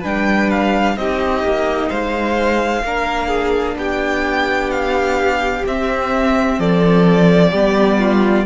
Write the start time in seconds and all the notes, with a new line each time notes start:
0.00 G3 D4 B4 G5
0.51 F5
0.96 C4 D#4 G4 D#5
1.43 A#3
1.89 G#3 C5 F5
2.83 A#3 D4 A#4
3.28 G#4
3.76 B3 G4 G5
4.71 F5
5.66 C4 E5
6.59 F3 A4 D5
7.51 G3 B3 G4
7.99 F4